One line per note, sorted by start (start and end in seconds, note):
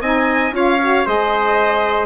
0.00 0.52 C4
0.00 0.52 D#4
0.00 0.52 D#5
0.00 0.53 G#5
0.52 1.03 C#4
0.52 0.78 F4
0.52 1.05 C#5
0.52 1.07 F5
0.80 1.05 F#4
1.05 2.05 G#3
1.05 2.05 G#4
1.05 2.05 C5
1.05 2.05 D#5